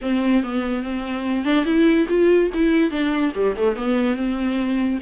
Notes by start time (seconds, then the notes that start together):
0.01 C4
0.43 B3
0.83 C4
1.44 D4
1.65 E4
2.08 F4
2.53 E4
2.90 D4
3.34 G3
3.55 A3
3.76 B3
4.16 C4